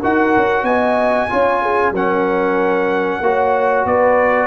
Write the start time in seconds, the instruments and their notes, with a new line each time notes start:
0.00 tuba D#4, trombone F#4, horn A#4, trumpet F#5
0.37 tuba C#4
0.63 tuba B3, horn D#5, trumpet G#5
1.30 tuba C#4, trombone F4, horn C#5
1.62 horn G#4
1.91 tuba F#3, trombone C#4, horn A#4, trumpet F#5
3.21 tuba A#3, trombone F#4, horn C#5
3.85 tuba B3, horn B4, trumpet D5